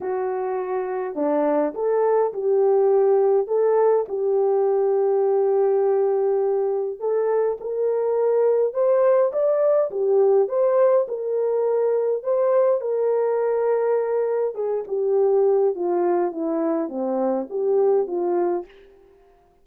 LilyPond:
\new Staff \with { instrumentName = "horn" } { \time 4/4 \tempo 4 = 103 fis'2 d'4 a'4 | g'2 a'4 g'4~ | g'1 | a'4 ais'2 c''4 |
d''4 g'4 c''4 ais'4~ | ais'4 c''4 ais'2~ | ais'4 gis'8 g'4. f'4 | e'4 c'4 g'4 f'4 | }